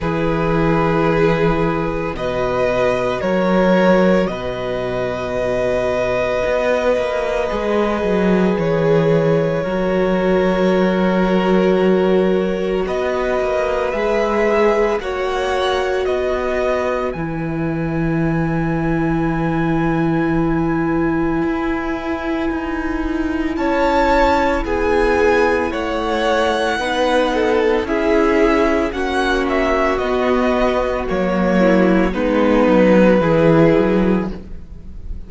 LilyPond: <<
  \new Staff \with { instrumentName = "violin" } { \time 4/4 \tempo 4 = 56 b'2 dis''4 cis''4 | dis''1 | cis''1 | dis''4 e''4 fis''4 dis''4 |
gis''1~ | gis''2 a''4 gis''4 | fis''2 e''4 fis''8 e''8 | dis''4 cis''4 b'2 | }
  \new Staff \with { instrumentName = "violin" } { \time 4/4 gis'2 b'4 ais'4 | b'1~ | b'4 ais'2. | b'2 cis''4 b'4~ |
b'1~ | b'2 cis''4 gis'4 | cis''4 b'8 a'8 gis'4 fis'4~ | fis'4. e'8 dis'4 gis'4 | }
  \new Staff \with { instrumentName = "viola" } { \time 4/4 e'2 fis'2~ | fis'2. gis'4~ | gis'4 fis'2.~ | fis'4 gis'4 fis'2 |
e'1~ | e'1~ | e'4 dis'4 e'4 cis'4 | b4 ais4 b4 e'4 | }
  \new Staff \with { instrumentName = "cello" } { \time 4/4 e2 b,4 fis4 | b,2 b8 ais8 gis8 fis8 | e4 fis2. | b8 ais8 gis4 ais4 b4 |
e1 | e'4 dis'4 cis'4 b4 | a4 b4 cis'4 ais4 | b4 fis4 gis8 fis8 e8 fis8 | }
>>